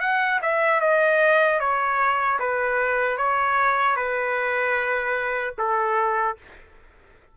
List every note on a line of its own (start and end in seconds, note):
0.00 0.39 F#5
0.42 0.81 E5
0.81 1.60 D#5
1.60 2.39 C#5
2.39 3.18 B4
3.18 3.96 C#5
3.96 5.54 B4
5.58 6.37 A4